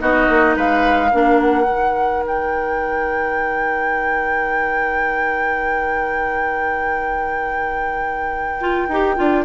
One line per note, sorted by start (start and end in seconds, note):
0.00 0.29 B3
0.00 1.11 D#4
0.00 0.56 F#4
0.00 0.56 D#5
0.29 0.57 A#3
0.56 1.13 G#3
0.56 1.11 B4
0.56 1.41 F5
1.11 1.67 A#3
1.11 1.65 D4
1.11 9.45 A#4
1.41 2.24 F#5
1.65 8.88 D#3
1.65 8.59 D#4
2.27 9.45 G5
8.61 8.88 F4
8.88 9.16 D#4
8.88 9.17 G4
9.17 9.45 D4
9.17 9.44 F4